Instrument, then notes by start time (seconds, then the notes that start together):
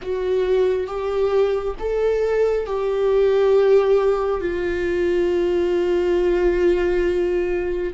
viola
0.02 F#4
0.87 G4
1.79 A4
2.66 G4
4.40 F4